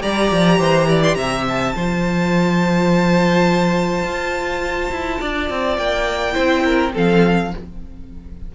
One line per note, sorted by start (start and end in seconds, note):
0.00 0.31 G3
0.00 1.73 G4
0.00 0.59 D5
0.00 1.02 A#5
0.31 0.59 F3
0.59 1.15 E3
0.59 0.87 C5
0.88 1.17 D5
1.03 1.14 C6
1.14 1.73 C3
1.14 1.75 E5
1.14 1.43 A#5
1.48 5.77 A5
1.73 4.03 F3
1.73 6.32 F4
1.73 5.20 C5
4.03 4.90 F4
4.91 5.19 E4
5.20 5.50 D4
5.20 6.33 D5
5.50 5.77 C4
5.77 6.35 A#3
5.77 6.92 G5
6.32 6.94 C4
6.32 6.90 E4
6.32 6.62 C5
6.64 6.93 A#4
6.93 7.53 F3
6.93 7.51 C4
6.93 7.51 A4
6.93 7.55 F5